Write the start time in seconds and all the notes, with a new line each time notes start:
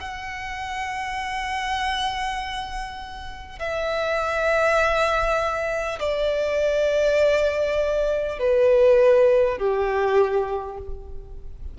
0.00 F#5
3.59 E5
6.00 D5
8.39 B4
9.58 G4